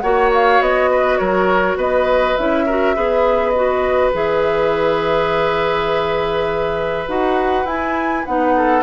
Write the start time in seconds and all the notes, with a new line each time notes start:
0.00 A#3 F#4 C#5 F#5
0.34 F5
0.60 B3 D#5
0.90 B4
1.17 F#3 A#4 C#5
1.76 B3 B4 D#5
2.36 C#4 E4 E5
2.66 F#4 A#4
2.95 B3 G#4 B4
3.50 F#4 D#5
4.12 E3 G#4 E5
7.07 D#4 F#4 F#5
7.64 E4 G#5
8.25 B3 D#4 F#5
8.56 A4